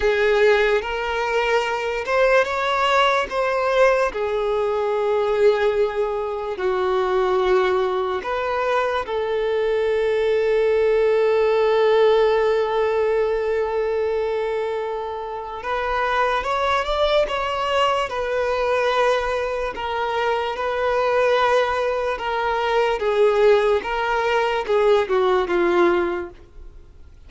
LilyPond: \new Staff \with { instrumentName = "violin" } { \time 4/4 \tempo 4 = 73 gis'4 ais'4. c''8 cis''4 | c''4 gis'2. | fis'2 b'4 a'4~ | a'1~ |
a'2. b'4 | cis''8 d''8 cis''4 b'2 | ais'4 b'2 ais'4 | gis'4 ais'4 gis'8 fis'8 f'4 | }